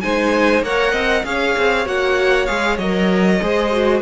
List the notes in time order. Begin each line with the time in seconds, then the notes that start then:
0.00 G#3 D#4 C5 G#5
0.62 A#3 A#4 C#5 F#5
0.91 C4 D#5
1.24 C#4 G#4 C#5 F5
1.58 C4
1.85 A#3 F#4 F#5
2.46 G#3 G#4 F5
2.78 F#3 A#4 D#5
3.41 G#3 G#4 C5
3.72 F#4